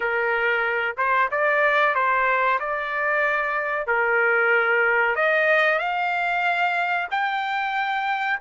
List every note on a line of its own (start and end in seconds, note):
0.00 0.96 A#4
0.97 1.29 C5
1.31 1.94 D5
1.94 2.59 C5
2.59 3.87 D5
3.87 5.15 A#4
5.15 5.78 D#5
5.78 7.07 F5
7.10 8.39 G5